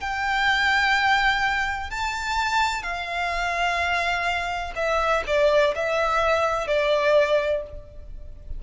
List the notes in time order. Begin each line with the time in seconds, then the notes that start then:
0.00 G5
1.90 A5
2.83 F5
4.75 E5
5.27 D5
5.75 E5
6.67 D5